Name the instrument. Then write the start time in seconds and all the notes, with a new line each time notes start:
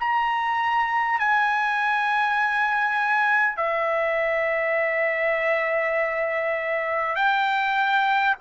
trumpet
0.00 A#5
1.19 G#5
3.57 E5
7.16 G5